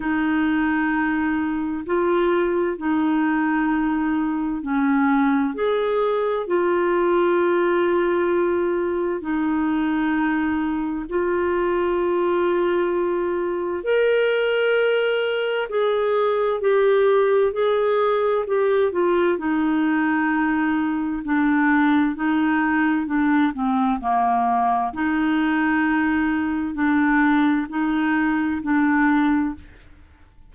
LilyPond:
\new Staff \with { instrumentName = "clarinet" } { \time 4/4 \tempo 4 = 65 dis'2 f'4 dis'4~ | dis'4 cis'4 gis'4 f'4~ | f'2 dis'2 | f'2. ais'4~ |
ais'4 gis'4 g'4 gis'4 | g'8 f'8 dis'2 d'4 | dis'4 d'8 c'8 ais4 dis'4~ | dis'4 d'4 dis'4 d'4 | }